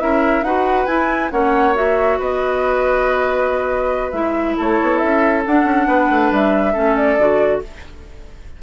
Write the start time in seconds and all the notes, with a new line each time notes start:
0.00 C#4 E4 A#4 E5
0.42 D#4 F#4 B4 F#5
0.86 E4 G#5
1.31 A#3 C#4 C#5 F#5
1.75 F#4 E5
2.19 B3 B4 D#5
4.11 G#3 E4 E5
4.57 A3 A4 C#5
4.82 B3
4.98 C#4 E5
5.46 D4 F#5
5.64 C#4
5.88 B3 B4
6.10 A3
6.31 G3 E5
6.73 A3 C#4 A4
6.96 D5
7.18 D3 F#4